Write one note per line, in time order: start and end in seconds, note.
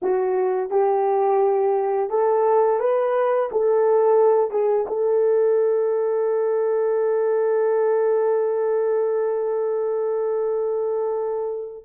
0.02 0.70 F#4
0.70 2.10 G4
2.10 2.79 A4
2.79 3.49 B4
3.51 4.51 A4
4.51 4.86 G#4
4.87 11.84 A4